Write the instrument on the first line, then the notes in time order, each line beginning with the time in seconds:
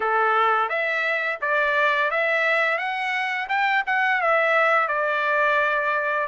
trumpet
0.00 A4
0.68 E5
1.41 D5
2.10 E5
2.77 F#5
3.49 G5
3.86 F#5
4.21 E5
4.87 D5